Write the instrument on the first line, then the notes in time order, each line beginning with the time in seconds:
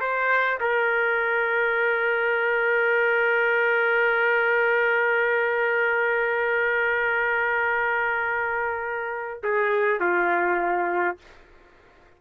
trumpet
0.00 C5
0.60 A#4
9.43 G#4
9.99 F4